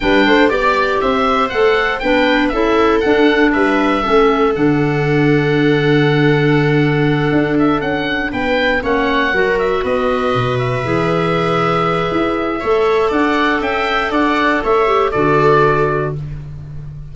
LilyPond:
<<
  \new Staff \with { instrumentName = "oboe" } { \time 4/4 \tempo 4 = 119 g''4 d''4 e''4 fis''4 | g''4 e''4 fis''4 e''4~ | e''4 fis''2.~ | fis''2. e''8 fis''8~ |
fis''8 g''4 fis''4. e''8 dis''8~ | dis''4 e''2.~ | e''2 fis''4 g''4 | fis''4 e''4 d''2 | }
  \new Staff \with { instrumentName = "viola" } { \time 4/4 b'8 c''8 d''4 c''2 | b'4 a'2 b'4 | a'1~ | a'1~ |
a'8 b'4 cis''4 ais'4 b'8~ | b'1~ | b'4 cis''4 d''4 e''4 | d''4 cis''4 a'2 | }
  \new Staff \with { instrumentName = "clarinet" } { \time 4/4 d'4 g'2 a'4 | d'4 e'4 d'2 | cis'4 d'2.~ | d'1~ |
d'4. cis'4 fis'4.~ | fis'4. gis'2~ gis'8~ | gis'4 a'2.~ | a'4. g'8 fis'2 | }
  \new Staff \with { instrumentName = "tuba" } { \time 4/4 g8 a8 b4 c'4 a4 | b4 cis'4 d'4 g4 | a4 d2.~ | d2~ d8 d'4 cis'8~ |
cis'8 b4 ais4 fis4 b8~ | b8 b,4 e2~ e8 | e'4 a4 d'4 cis'4 | d'4 a4 d2 | }
>>